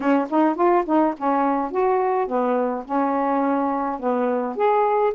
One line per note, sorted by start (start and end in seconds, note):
0.00 0.27 C#4
0.29 0.55 D#4
0.55 0.84 F4
0.85 1.14 D#4
1.17 1.71 C#4
1.71 2.27 F#4
2.27 2.84 B3
2.85 3.99 C#4
3.99 4.56 B3
4.56 5.13 G#4